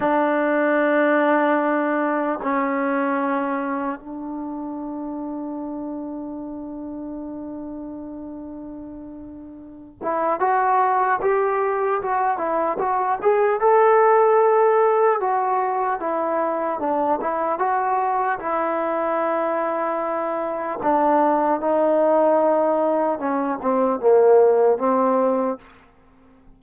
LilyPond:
\new Staff \with { instrumentName = "trombone" } { \time 4/4 \tempo 4 = 75 d'2. cis'4~ | cis'4 d'2.~ | d'1~ | d'8 e'8 fis'4 g'4 fis'8 e'8 |
fis'8 gis'8 a'2 fis'4 | e'4 d'8 e'8 fis'4 e'4~ | e'2 d'4 dis'4~ | dis'4 cis'8 c'8 ais4 c'4 | }